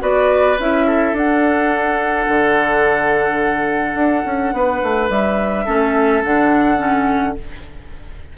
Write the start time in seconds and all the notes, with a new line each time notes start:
0.00 B3 F#4 B4 D5
0.58 C#4 E4 E5
0.87 A4
1.12 D4 F#5
2.28 D3
3.95 D4
4.25 C#4
4.53 B3 B4
4.83 A3
5.10 G3 E5
5.65 A3 C#4 A4
6.24 D3 D4 F#5
6.78 C#4